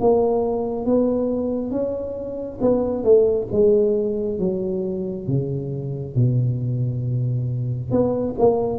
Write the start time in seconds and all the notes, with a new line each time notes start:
0.00 A#3
0.85 B3
1.71 C#4
2.61 B3
3.04 A3
3.52 G#3
4.39 F#3
5.28 C#3
6.16 B2
7.91 B3
8.39 A#3